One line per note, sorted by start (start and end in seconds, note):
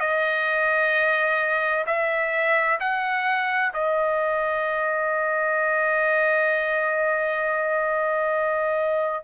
0.00 1.85 D#5
1.86 2.79 E5
2.80 3.72 F#5
3.73 9.24 D#5